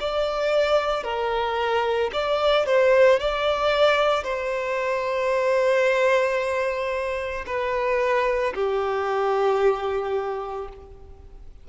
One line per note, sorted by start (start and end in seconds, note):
0.00 1.04 D5
1.04 2.11 A#4
2.13 2.66 D5
2.66 3.19 C5
3.19 4.24 D5
4.24 7.45 C5
7.47 8.54 B4
8.54 10.69 G4